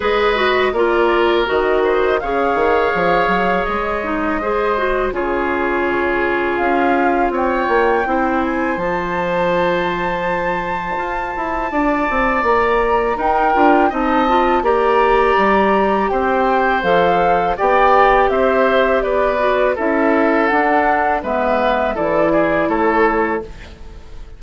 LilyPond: <<
  \new Staff \with { instrumentName = "flute" } { \time 4/4 \tempo 4 = 82 dis''4 d''4 dis''4 f''4~ | f''4 dis''2 cis''4~ | cis''4 f''4 g''4. gis''8 | a''1~ |
a''4 ais''4 g''4 a''4 | ais''2 g''4 f''4 | g''4 e''4 d''4 e''4 | fis''4 e''4 d''4 cis''4 | }
  \new Staff \with { instrumentName = "oboe" } { \time 4/4 b'4 ais'4. c''8 cis''4~ | cis''2 c''4 gis'4~ | gis'2 cis''4 c''4~ | c''1 |
d''2 ais'4 dis''4 | d''2 c''2 | d''4 c''4 b'4 a'4~ | a'4 b'4 a'8 gis'8 a'4 | }
  \new Staff \with { instrumentName = "clarinet" } { \time 4/4 gis'8 fis'8 f'4 fis'4 gis'4~ | gis'4. dis'8 gis'8 fis'8 f'4~ | f'2. e'4 | f'1~ |
f'2 dis'8 f'8 dis'8 f'8 | g'2. a'4 | g'2~ g'8 fis'8 e'4 | d'4 b4 e'2 | }
  \new Staff \with { instrumentName = "bassoon" } { \time 4/4 gis4 ais4 dis4 cis8 dis8 | f8 fis8 gis2 cis4~ | cis4 cis'4 c'8 ais8 c'4 | f2. f'8 e'8 |
d'8 c'8 ais4 dis'8 d'8 c'4 | ais4 g4 c'4 f4 | b4 c'4 b4 cis'4 | d'4 gis4 e4 a4 | }
>>